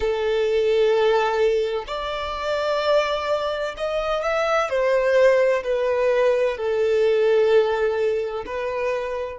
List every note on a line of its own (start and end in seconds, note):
0.00 1.85 A4
1.87 3.74 D5
3.77 4.22 D#5
4.22 4.69 E5
4.69 5.63 C5
5.63 6.57 B4
6.57 8.44 A4
8.46 9.38 B4